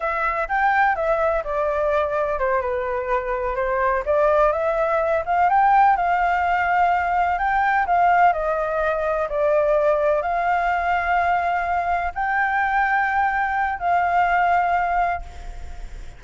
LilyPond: \new Staff \with { instrumentName = "flute" } { \time 4/4 \tempo 4 = 126 e''4 g''4 e''4 d''4~ | d''4 c''8 b'2 c''8~ | c''8 d''4 e''4. f''8 g''8~ | g''8 f''2. g''8~ |
g''8 f''4 dis''2 d''8~ | d''4. f''2~ f''8~ | f''4. g''2~ g''8~ | g''4 f''2. | }